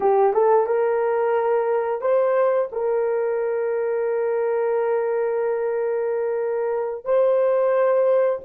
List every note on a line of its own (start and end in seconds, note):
0.00 0.33 G4
0.33 0.66 A4
0.66 2.01 A#4
2.01 2.68 C5
2.72 7.04 A#4
7.04 8.39 C5